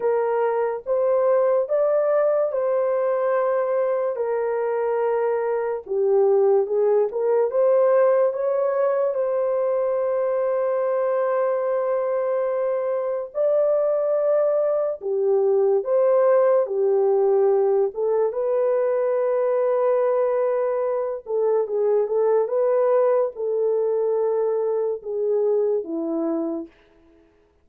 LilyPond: \new Staff \with { instrumentName = "horn" } { \time 4/4 \tempo 4 = 72 ais'4 c''4 d''4 c''4~ | c''4 ais'2 g'4 | gis'8 ais'8 c''4 cis''4 c''4~ | c''1 |
d''2 g'4 c''4 | g'4. a'8 b'2~ | b'4. a'8 gis'8 a'8 b'4 | a'2 gis'4 e'4 | }